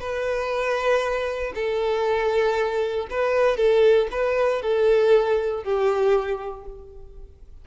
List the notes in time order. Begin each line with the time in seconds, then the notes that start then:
0.00 B4
1.55 A4
3.10 B4
3.57 A4
4.11 B4
4.62 A4
5.63 G4